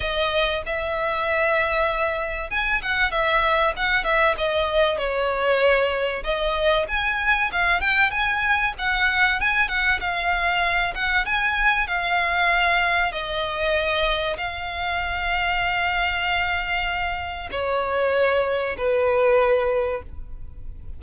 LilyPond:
\new Staff \with { instrumentName = "violin" } { \time 4/4 \tempo 4 = 96 dis''4 e''2. | gis''8 fis''8 e''4 fis''8 e''8 dis''4 | cis''2 dis''4 gis''4 | f''8 g''8 gis''4 fis''4 gis''8 fis''8 |
f''4. fis''8 gis''4 f''4~ | f''4 dis''2 f''4~ | f''1 | cis''2 b'2 | }